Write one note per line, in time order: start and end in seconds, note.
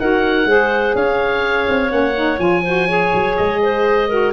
0.00 0.45 D#4
0.00 0.47 F#4
0.00 0.48 A#4
0.00 0.96 F#5
0.45 0.93 G#3
0.45 1.89 G#4
0.45 0.96 C5
0.95 1.68 C#4
0.95 2.64 C#5
0.95 1.91 F5
1.68 1.91 C4
1.89 2.39 A#3
1.89 2.13 C#4
1.89 2.39 F#5
2.15 2.39 D#4
2.39 3.11 F3
2.39 2.63 F4
2.39 3.36 G#5
2.64 2.88 F#4
2.64 2.87 C5
2.87 4.09 G#4
2.87 3.60 C#5
3.14 3.38 F#3
3.37 4.33 G#3
3.37 4.33 D#5
3.62 4.09 C5
4.09 4.33 F#4
4.09 4.33 A#4